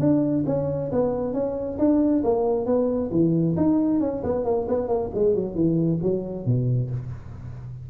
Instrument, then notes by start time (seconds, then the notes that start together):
tuba
0.00 D4
0.47 C#4
0.92 B3
1.34 C#4
1.79 D4
2.24 A#3
2.66 B3
3.12 E3
3.57 D#4
4.01 C#4
4.24 B3
4.45 A#3
4.69 B3
4.88 A#3
5.15 G#3
5.35 F#3
5.56 E3
6.03 F#3
6.46 B2